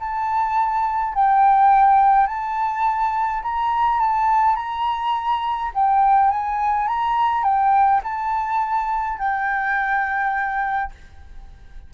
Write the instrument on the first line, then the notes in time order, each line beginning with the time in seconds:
flute
0.00 A5
1.14 G5
2.27 A5
3.42 A#5
4.00 A5
4.56 A#5
5.75 G5
6.30 G#5
6.88 A#5
7.44 G5
8.04 A5
9.19 G5